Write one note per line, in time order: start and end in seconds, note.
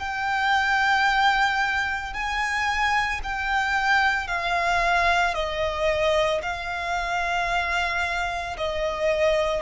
0.00 2.14 G5
2.14 3.21 G#5
3.24 4.28 G5
4.28 5.35 F5
5.35 6.42 D#5
6.43 8.57 F5
8.58 9.62 D#5